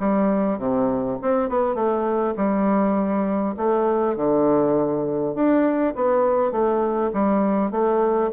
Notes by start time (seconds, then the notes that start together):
0.00 G3
0.59 C3
1.22 C4
1.50 B3
1.75 A3
2.37 G3
3.57 A3
4.17 D3
5.35 D4
5.95 B3
6.52 A3
7.14 G3
7.71 A3